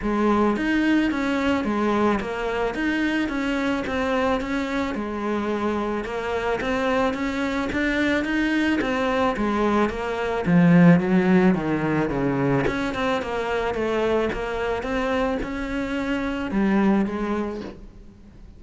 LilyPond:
\new Staff \with { instrumentName = "cello" } { \time 4/4 \tempo 4 = 109 gis4 dis'4 cis'4 gis4 | ais4 dis'4 cis'4 c'4 | cis'4 gis2 ais4 | c'4 cis'4 d'4 dis'4 |
c'4 gis4 ais4 f4 | fis4 dis4 cis4 cis'8 c'8 | ais4 a4 ais4 c'4 | cis'2 g4 gis4 | }